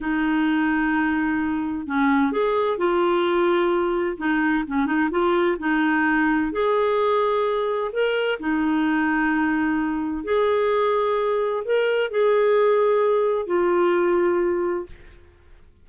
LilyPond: \new Staff \with { instrumentName = "clarinet" } { \time 4/4 \tempo 4 = 129 dis'1 | cis'4 gis'4 f'2~ | f'4 dis'4 cis'8 dis'8 f'4 | dis'2 gis'2~ |
gis'4 ais'4 dis'2~ | dis'2 gis'2~ | gis'4 ais'4 gis'2~ | gis'4 f'2. | }